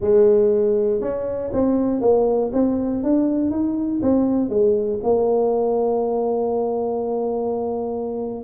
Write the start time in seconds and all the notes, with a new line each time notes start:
0.00 G#3
1.00 C#4
1.52 C4
2.01 A#3
2.52 C4
3.03 D4
3.50 D#4
4.02 C4
4.49 G#3
5.03 A#3